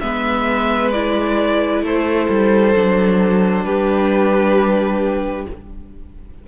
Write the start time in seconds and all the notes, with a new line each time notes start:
0.00 G#3 B3 B4 E5
0.91 E4 D5
1.82 A3 A4 C5
2.29 G3
2.75 F#3 D4
3.64 G3 G4 B4